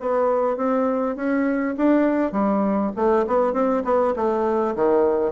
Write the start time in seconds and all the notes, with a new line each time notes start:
0.00 B3
0.57 C4
1.16 C#4
1.77 D4
2.32 G3
2.96 A3
3.27 B3
3.53 C4
3.84 B3
4.16 A3
4.76 D#3